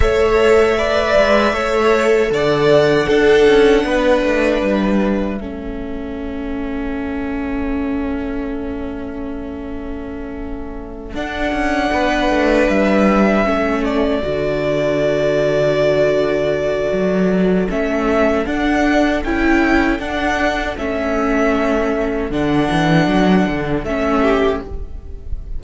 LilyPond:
<<
  \new Staff \with { instrumentName = "violin" } { \time 4/4 \tempo 4 = 78 e''2. fis''4~ | fis''2 e''2~ | e''1~ | e''2~ e''8 fis''4.~ |
fis''8 e''4. d''2~ | d''2. e''4 | fis''4 g''4 fis''4 e''4~ | e''4 fis''2 e''4 | }
  \new Staff \with { instrumentName = "violin" } { \time 4/4 cis''4 d''4 cis''4 d''4 | a'4 b'2 a'4~ | a'1~ | a'2.~ a'8 b'8~ |
b'4. a'2~ a'8~ | a'1~ | a'1~ | a'2.~ a'8 g'8 | }
  \new Staff \with { instrumentName = "viola" } { \time 4/4 a'4 b'4 a'2 | d'2. cis'4~ | cis'1~ | cis'2~ cis'8 d'4.~ |
d'4. cis'4 fis'4.~ | fis'2. cis'4 | d'4 e'4 d'4 cis'4~ | cis'4 d'2 cis'4 | }
  \new Staff \with { instrumentName = "cello" } { \time 4/4 a4. gis8 a4 d4 | d'8 cis'8 b8 a8 g4 a4~ | a1~ | a2~ a8 d'8 cis'8 b8 |
a8 g4 a4 d4.~ | d2 fis4 a4 | d'4 cis'4 d'4 a4~ | a4 d8 e8 fis8 d8 a4 | }
>>